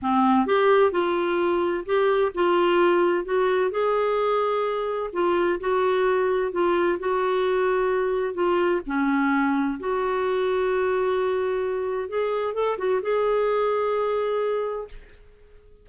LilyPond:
\new Staff \with { instrumentName = "clarinet" } { \time 4/4 \tempo 4 = 129 c'4 g'4 f'2 | g'4 f'2 fis'4 | gis'2. f'4 | fis'2 f'4 fis'4~ |
fis'2 f'4 cis'4~ | cis'4 fis'2.~ | fis'2 gis'4 a'8 fis'8 | gis'1 | }